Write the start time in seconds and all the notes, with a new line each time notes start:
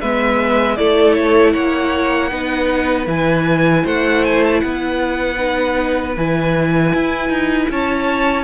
0.00 G#3 B3 B4 E5
0.76 A3 E4 A4 D5
1.13 C#5
1.53 A#3 C#5 F#5
2.31 B3 D#4 B4
3.06 E3 E4 G#5
3.83 A3 C5 F#5
4.24 G#5
4.43 A5
4.60 B3 B4 F#5
5.37 D#4
6.17 E3 E4 G#5
6.94 E4
7.29 D#4
7.69 C#4 C#5 A5